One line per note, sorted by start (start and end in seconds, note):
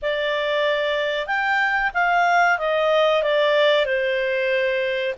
0.01 1.26 D5
1.26 1.91 G5
1.94 2.58 F5
2.58 3.22 D#5
3.22 3.85 D5
3.85 5.14 C5